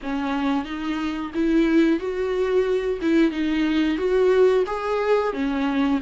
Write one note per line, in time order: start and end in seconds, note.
0.02 0.64 C#4
0.64 1.31 D#4
1.34 1.99 E4
1.99 2.99 F#4
3.02 3.31 E4
3.31 3.97 D#4
3.97 4.64 F#4
4.66 5.33 G#4
5.33 5.99 C#4